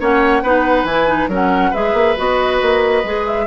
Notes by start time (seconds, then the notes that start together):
0.00 A#3 C#4 C#5 F#5
0.43 B3 D#4 B4
0.84 E3 E4 G#5
1.08 D#4
1.28 F#3 C#4 A#4
1.35 F#5
1.71 G#3 G#4 B4 E5
1.94 A#3
2.17 B3 F#4 D#5
2.62 A#3
3.04 G#3 G#4
3.26 E5